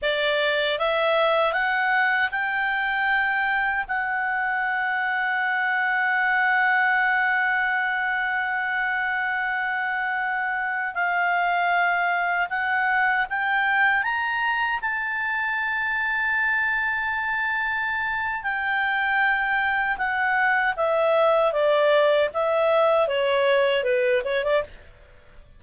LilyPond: \new Staff \with { instrumentName = "clarinet" } { \time 4/4 \tempo 4 = 78 d''4 e''4 fis''4 g''4~ | g''4 fis''2.~ | fis''1~ | fis''2~ fis''16 f''4.~ f''16~ |
f''16 fis''4 g''4 ais''4 a''8.~ | a''1 | g''2 fis''4 e''4 | d''4 e''4 cis''4 b'8 cis''16 d''16 | }